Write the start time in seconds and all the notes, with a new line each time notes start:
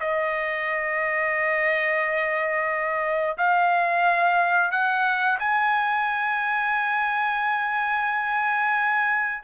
0.00 D#5
3.38 F5
4.71 F#5
5.39 G#5